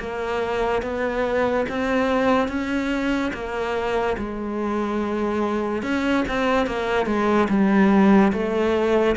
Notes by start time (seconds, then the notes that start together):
0.00 A#3
0.83 B3
1.69 C4
2.48 C#4
3.34 A#3
4.18 G#3
5.83 C#4
6.29 C4
6.67 A#3
7.06 G#3
7.49 G3
8.33 A3